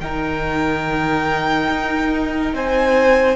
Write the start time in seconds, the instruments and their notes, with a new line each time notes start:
0.00 cello D#3, viola D#4, violin A#4 G5
1.70 cello D#4
2.53 cello C4, violin C5 G#5